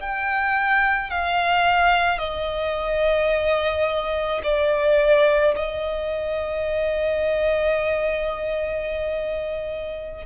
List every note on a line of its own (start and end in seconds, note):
0.00 1.10 G5
1.10 2.18 F5
2.18 4.40 D#5
4.43 5.54 D5
5.56 10.26 D#5